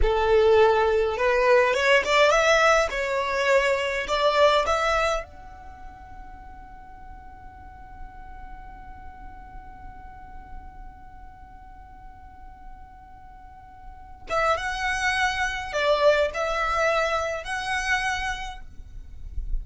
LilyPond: \new Staff \with { instrumentName = "violin" } { \time 4/4 \tempo 4 = 103 a'2 b'4 cis''8 d''8 | e''4 cis''2 d''4 | e''4 fis''2.~ | fis''1~ |
fis''1~ | fis''1~ | fis''8 e''8 fis''2 d''4 | e''2 fis''2 | }